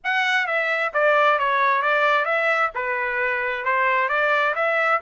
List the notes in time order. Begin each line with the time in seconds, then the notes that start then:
0.04 F#5
0.46 E5
0.93 D5
1.38 C#5
1.81 D5
2.25 E5
2.74 B4
3.64 C5
4.08 D5
4.55 E5